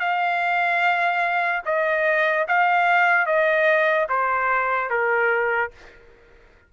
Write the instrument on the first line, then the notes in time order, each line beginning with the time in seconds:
trumpet
0.00 F5
1.65 D#5
2.48 F5
3.26 D#5
4.09 C5
4.90 A#4